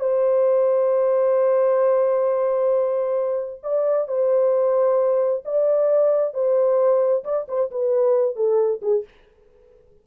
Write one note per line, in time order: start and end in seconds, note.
0.00 3.61 C5
3.63 4.08 D5
4.08 5.43 C5
5.45 6.34 D5
6.34 7.24 C5
7.24 7.47 D5
7.48 7.71 C5
7.71 8.36 B4
8.36 8.81 A4
8.82 9.05 G#4